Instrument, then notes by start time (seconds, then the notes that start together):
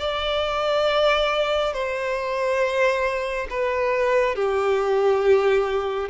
violin
0.00 D5
1.74 C5
3.51 B4
4.36 G4